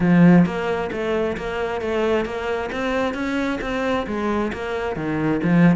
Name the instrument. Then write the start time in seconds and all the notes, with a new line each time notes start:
cello
0.00 F3
0.45 A#3
0.91 A3
1.37 A#3
1.81 A3
2.25 A#3
2.72 C4
3.14 C#4
3.61 C4
4.06 G#3
4.52 A#3
4.95 D#3
5.43 F3